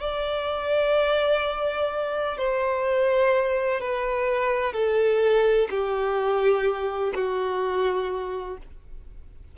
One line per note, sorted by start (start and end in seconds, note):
0.00 2.38 D5
2.38 3.81 C5
3.81 4.73 B4
4.73 5.68 A4
5.70 7.13 G4
7.15 8.58 F#4